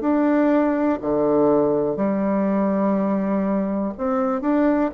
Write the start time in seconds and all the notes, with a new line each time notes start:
0.00 D4
1.01 D3
1.96 G3
3.97 C4
4.41 D4